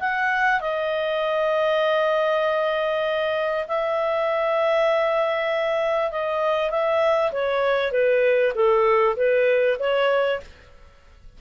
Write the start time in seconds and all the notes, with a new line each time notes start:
0.00 F#5
0.61 D#5
3.68 E5
6.11 D#5
6.71 E5
7.32 C#5
7.92 B4
8.55 A4
9.16 B4
9.80 C#5